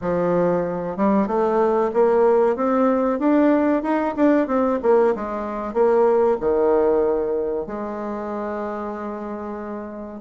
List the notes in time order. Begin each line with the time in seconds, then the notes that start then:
0.01 F3
0.96 G3
1.27 A3
1.93 A#3
2.55 C4
3.19 D4
3.82 D#4
4.15 D4
4.47 C4
4.82 A#3
5.15 G#3
5.73 A#3
6.40 D#3
7.66 G#3